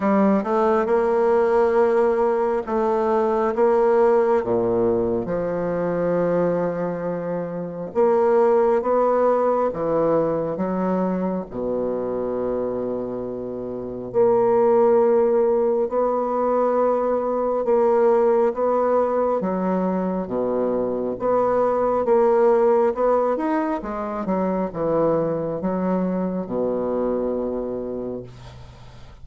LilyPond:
\new Staff \with { instrumentName = "bassoon" } { \time 4/4 \tempo 4 = 68 g8 a8 ais2 a4 | ais4 ais,4 f2~ | f4 ais4 b4 e4 | fis4 b,2. |
ais2 b2 | ais4 b4 fis4 b,4 | b4 ais4 b8 dis'8 gis8 fis8 | e4 fis4 b,2 | }